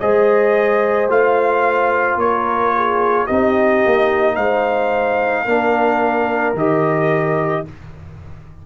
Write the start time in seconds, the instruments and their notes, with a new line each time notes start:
0.00 tuba G#3, trombone G#4, horn C5, trumpet D#5
1.08 tuba A3, trombone F4, trumpet F5
2.16 tuba A#3, horn A#4, trumpet C#5
2.76 horn G#4
3.27 tuba C4, trombone D#4, horn G4, trumpet D#5
3.86 tuba A#3
4.36 tuba G#3, horn C5, trumpet F5
5.45 tuba A#3, trombone D4, horn A#4
6.54 tuba D#3, trombone G4, trumpet D#5